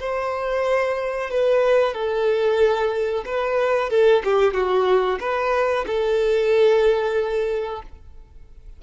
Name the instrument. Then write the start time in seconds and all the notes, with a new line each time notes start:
violin
0.00 C5
1.30 B4
1.94 A4
3.25 B4
3.90 A4
4.25 G4
4.54 F#4
5.20 B4
5.87 A4